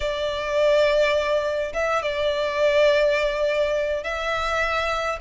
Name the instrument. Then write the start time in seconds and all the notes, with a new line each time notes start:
violin
0.00 D5
1.73 E5
2.02 D5
4.03 E5